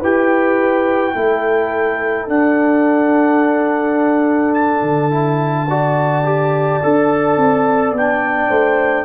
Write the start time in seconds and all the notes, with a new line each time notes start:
0.00 E4 G4 B4 G5
1.14 A3 E4 A4
2.27 D4 F#5
4.54 A5
4.82 D3
5.10 E4
5.68 F#4 D5
6.24 G4
6.83 D4 A4
7.36 C4
7.91 B3 D4 G5
8.48 A3 C5